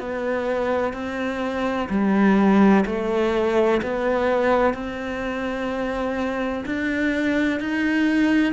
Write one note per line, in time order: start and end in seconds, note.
0.00 0.94 B3
0.94 1.89 C4
1.90 2.85 G3
2.86 3.81 A3
3.83 4.74 B3
4.74 6.65 C4
6.66 7.61 D4
7.61 8.54 D#4